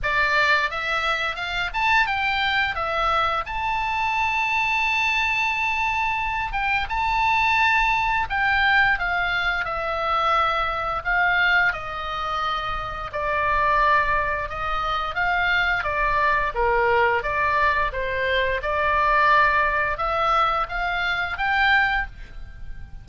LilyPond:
\new Staff \with { instrumentName = "oboe" } { \time 4/4 \tempo 4 = 87 d''4 e''4 f''8 a''8 g''4 | e''4 a''2.~ | a''4. g''8 a''2 | g''4 f''4 e''2 |
f''4 dis''2 d''4~ | d''4 dis''4 f''4 d''4 | ais'4 d''4 c''4 d''4~ | d''4 e''4 f''4 g''4 | }